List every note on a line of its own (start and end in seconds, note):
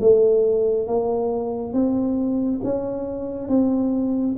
0.00 0.87 A3
0.87 1.73 A#3
1.73 2.60 C4
2.63 3.48 C#4
3.48 4.35 C4